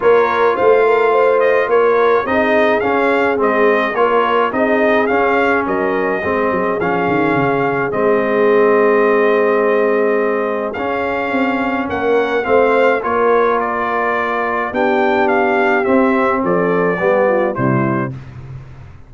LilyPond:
<<
  \new Staff \with { instrumentName = "trumpet" } { \time 4/4 \tempo 4 = 106 cis''4 f''4. dis''8 cis''4 | dis''4 f''4 dis''4 cis''4 | dis''4 f''4 dis''2 | f''2 dis''2~ |
dis''2. f''4~ | f''4 fis''4 f''4 cis''4 | d''2 g''4 f''4 | e''4 d''2 c''4 | }
  \new Staff \with { instrumentName = "horn" } { \time 4/4 ais'4 c''8 ais'8 c''4 ais'4 | gis'2. ais'4 | gis'2 ais'4 gis'4~ | gis'1~ |
gis'1~ | gis'4 ais'4 c''4 ais'4~ | ais'2 g'2~ | g'4 a'4 g'8 f'8 e'4 | }
  \new Staff \with { instrumentName = "trombone" } { \time 4/4 f'1 | dis'4 cis'4 c'4 f'4 | dis'4 cis'2 c'4 | cis'2 c'2~ |
c'2. cis'4~ | cis'2 c'4 f'4~ | f'2 d'2 | c'2 b4 g4 | }
  \new Staff \with { instrumentName = "tuba" } { \time 4/4 ais4 a2 ais4 | c'4 cis'4 gis4 ais4 | c'4 cis'4 fis4 gis8 fis8 | f8 dis8 cis4 gis2~ |
gis2. cis'4 | c'4 ais4 a4 ais4~ | ais2 b2 | c'4 f4 g4 c4 | }
>>